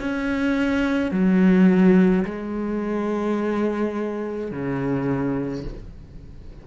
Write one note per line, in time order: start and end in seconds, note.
0.00 1.11 C#4
1.11 2.24 F#3
2.25 4.51 G#3
4.51 5.64 C#3